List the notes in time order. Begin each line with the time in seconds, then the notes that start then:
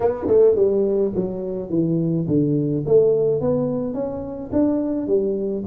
0.00 B3
0.27 A3
0.55 G3
1.15 F#3
1.69 E3
2.27 D3
2.86 A3
3.40 B3
3.93 C#4
4.52 D4
5.07 G3